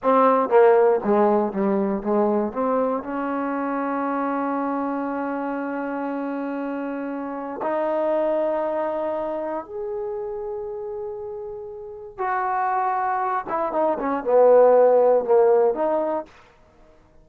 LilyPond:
\new Staff \with { instrumentName = "trombone" } { \time 4/4 \tempo 4 = 118 c'4 ais4 gis4 g4 | gis4 c'4 cis'2~ | cis'1~ | cis'2. dis'4~ |
dis'2. gis'4~ | gis'1 | fis'2~ fis'8 e'8 dis'8 cis'8 | b2 ais4 dis'4 | }